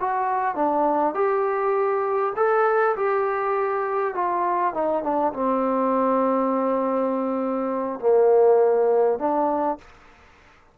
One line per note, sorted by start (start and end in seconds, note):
0.00 0.55 F#4
0.55 1.14 D4
1.14 2.33 G4
2.36 2.96 A4
2.96 4.15 G4
4.15 4.74 F4
4.74 5.03 D#4
5.03 5.33 D4
5.33 8.00 C4
8.00 9.19 A#3
9.19 9.78 D4